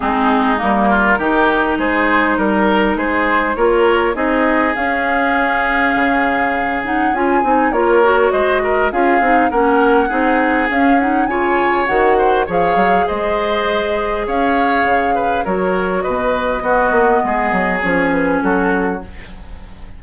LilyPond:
<<
  \new Staff \with { instrumentName = "flute" } { \time 4/4 \tempo 4 = 101 gis'4 ais'2 c''4 | ais'4 c''4 cis''4 dis''4 | f''2.~ f''8 fis''8 | gis''4 cis''4 dis''4 f''4 |
fis''2 f''8 fis''8 gis''4 | fis''4 f''4 dis''2 | f''2 cis''4 dis''4~ | dis''2 cis''8 b'8 a'4 | }
  \new Staff \with { instrumentName = "oboe" } { \time 4/4 dis'4. f'8 g'4 gis'4 | ais'4 gis'4 ais'4 gis'4~ | gis'1~ | gis'4 ais'4 c''8 ais'8 gis'4 |
ais'4 gis'2 cis''4~ | cis''8 c''8 cis''4 c''2 | cis''4. b'8 ais'4 b'4 | fis'4 gis'2 fis'4 | }
  \new Staff \with { instrumentName = "clarinet" } { \time 4/4 c'4 ais4 dis'2~ | dis'2 f'4 dis'4 | cis'2.~ cis'8 dis'8 | f'8 dis'8 f'8 fis'4. f'8 dis'8 |
cis'4 dis'4 cis'8 dis'8 f'4 | fis'4 gis'2.~ | gis'2 fis'2 | b2 cis'2 | }
  \new Staff \with { instrumentName = "bassoon" } { \time 4/4 gis4 g4 dis4 gis4 | g4 gis4 ais4 c'4 | cis'2 cis2 | cis'8 c'8 ais4 gis4 cis'8 c'8 |
ais4 c'4 cis'4 cis4 | dis4 f8 fis8 gis2 | cis'4 cis4 fis4 b,4 | b8 ais8 gis8 fis8 f4 fis4 | }
>>